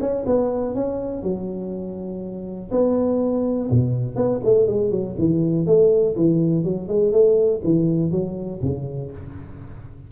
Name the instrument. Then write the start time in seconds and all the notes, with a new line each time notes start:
tuba
0.00 C#4
0.25 B3
0.74 C#4
1.23 F#3
2.71 B3
3.70 B2
4.15 B3
4.44 A3
4.67 G#3
4.90 F#3
5.18 E3
5.66 A3
6.16 E3
6.64 F#3
6.88 G#3
7.12 A3
7.64 E3
8.11 F#3
8.62 C#3